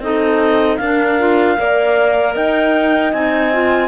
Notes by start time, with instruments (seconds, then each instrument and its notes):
0.00 cello C4, clarinet D#4 D#5, horn A4
0.77 cello D4, clarinet D4 F5, horn A#4
1.19 clarinet F4
1.57 cello A#3, clarinet A#4, horn D5
2.35 cello D#4, horn D#5, clarinet G5
3.13 cello C4, clarinet D#4 G#5
3.53 clarinet F4